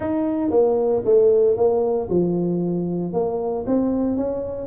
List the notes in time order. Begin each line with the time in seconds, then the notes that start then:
0.00 D#4
0.50 A#3
1.04 A3
1.56 A#3
2.09 F3
3.13 A#3
3.66 C4
4.16 C#4